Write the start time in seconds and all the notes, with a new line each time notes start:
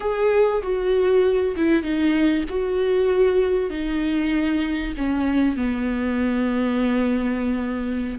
0.00 G#4
0.62 F#4
1.56 E4
1.82 D#4
2.49 F#4
3.70 D#4
4.97 C#4
5.56 B3